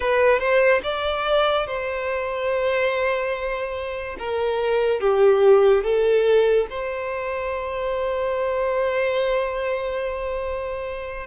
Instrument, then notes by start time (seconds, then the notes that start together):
violin
0.00 B4
0.39 C5
0.83 D5
1.66 C5
4.19 A#4
5.00 G4
5.83 A4
6.70 C5